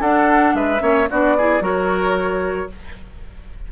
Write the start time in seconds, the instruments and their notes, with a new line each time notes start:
0.00 bassoon D4, clarinet D4, oboe A4, flute F#5
0.54 bassoon G#3, oboe B4, flute E5
0.79 bassoon A#3, clarinet C#4, oboe C#5
1.10 bassoon B3, clarinet D4, oboe F#4, flute D5
1.37 clarinet E4, oboe G#4
1.60 bassoon F#3, clarinet F#4, oboe A#4, flute C#5